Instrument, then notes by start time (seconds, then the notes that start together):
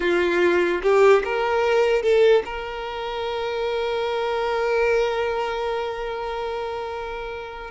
violin
0.00 F4
0.82 G4
1.24 A#4
2.02 A4
2.45 A#4